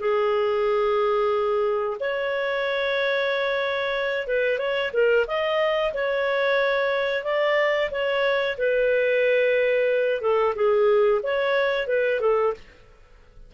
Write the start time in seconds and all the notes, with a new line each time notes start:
0.00 G#4
2.00 C#5
4.28 B4
4.59 C#5
4.94 A#4
5.27 D#5
5.94 C#5
7.24 D5
7.91 C#5
8.58 B4
10.22 A4
10.56 G#4
11.23 C#5
11.88 B4
12.21 A4